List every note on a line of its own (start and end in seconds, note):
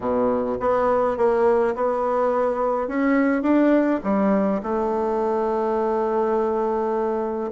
0.00 0.58 B2
0.60 1.17 B3
1.17 1.75 A#3
1.75 2.88 B3
2.88 3.42 C#4
3.42 4.00 D4
4.03 4.61 G3
4.62 7.51 A3